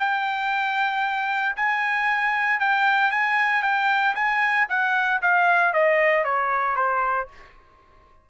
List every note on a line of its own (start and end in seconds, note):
0.00 1.57 G5
1.57 2.60 G#5
2.60 3.11 G5
3.11 3.63 G#5
3.63 4.15 G5
4.15 4.67 G#5
4.70 5.22 F#5
5.22 5.74 F5
5.74 6.25 D#5
6.25 6.76 C#5
6.76 7.29 C5